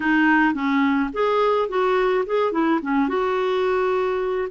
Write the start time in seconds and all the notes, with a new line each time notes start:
0.00 D#4
0.54 C#4
1.13 G#4
1.68 F#4
2.26 G#4
2.52 E4
2.82 C#4
3.08 F#4